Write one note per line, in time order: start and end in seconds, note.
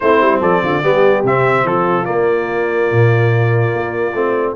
0.00 0.21 A3
0.00 0.82 C4
0.00 0.40 E4
0.00 0.40 C5
0.21 0.40 G3
0.40 0.61 F3
0.40 0.61 A4
0.40 1.24 D5
0.62 0.83 D3
0.62 0.83 F4
0.82 1.23 G3
0.82 1.24 B3
0.82 1.66 G4
1.23 1.64 C3
1.23 2.04 C4
1.23 1.67 E5
1.64 2.05 F3
1.64 4.56 F4
1.64 2.05 A4
2.04 4.11 A#3
2.04 2.91 A#3
2.04 4.53 D5
2.91 3.73 A#2
3.73 4.13 A#3
4.13 4.55 A3
4.13 4.56 C4